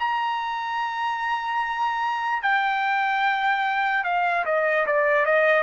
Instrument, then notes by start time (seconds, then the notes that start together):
trumpet
0.00 A#5
2.43 G5
4.05 F5
4.46 D#5
4.86 D5
5.26 D#5